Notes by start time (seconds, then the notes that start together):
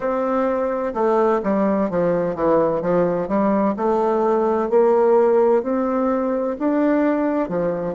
0.00 C4
0.94 A3
1.43 G3
1.90 F3
2.35 E3
2.81 F3
3.28 G3
3.76 A3
4.69 A#3
5.62 C4
6.58 D4
7.48 F3